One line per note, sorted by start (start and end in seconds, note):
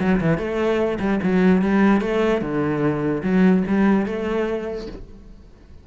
0.00 0.20 F#3
0.21 0.38 E3
0.38 0.99 A3
1.00 1.20 G3
1.23 1.62 F#3
1.62 2.01 G3
2.01 2.42 A3
2.42 3.23 D3
3.23 3.64 F#3
3.68 4.06 G3
4.06 4.87 A3